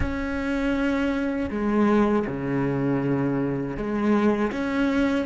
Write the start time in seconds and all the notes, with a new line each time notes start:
0.00 C#4
1.50 G#3
2.26 C#3
3.76 G#3
4.52 C#4